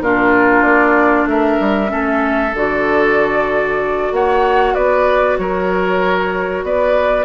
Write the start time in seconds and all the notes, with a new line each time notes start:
0.00 A#2 D4 F4 A#4
0.63 A#3 D5
1.26 A3 A#4 E5
1.61 G3
1.88 A3 C#4 A4
2.54 D3 F#4 D5
4.12 A#3 C#5 F#5
4.74 B3 B4 D5
5.38 F#3 A#4 C#5
6.64 B3 B4 D5